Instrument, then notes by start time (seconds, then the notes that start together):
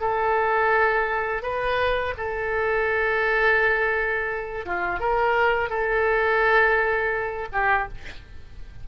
oboe
0.00 A4
1.42 B4
2.17 A4
4.65 F4
4.99 A#4
5.69 A4
7.52 G4